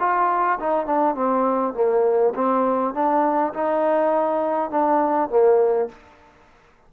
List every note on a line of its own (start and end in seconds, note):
0.00 0.59 F4
0.60 0.86 D#4
0.86 1.15 D4
1.15 1.74 C4
1.74 2.34 A#3
2.35 2.94 C4
2.94 3.54 D4
3.54 4.71 D#4
4.71 5.30 D4
5.30 5.89 A#3